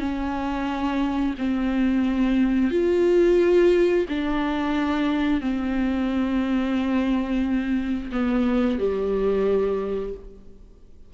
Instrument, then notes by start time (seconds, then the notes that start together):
viola
0.00 C#4
1.38 C4
2.71 F4
4.09 D4
5.41 C4
8.12 B3
8.79 G3